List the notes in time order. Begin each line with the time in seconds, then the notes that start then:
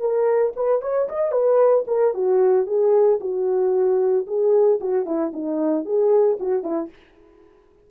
0.00 A#4
0.56 B4
0.82 C#5
1.09 D#5
1.32 B4
1.88 A#4
2.14 F#4
2.67 G#4
3.21 F#4
4.27 G#4
4.81 F#4
5.06 E4
5.33 D#4
5.85 G#4
6.40 F#4
6.63 E4